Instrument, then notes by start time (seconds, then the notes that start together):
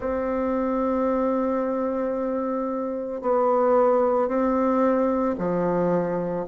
bassoon
0.00 C4
3.21 B3
4.28 C4
5.38 F3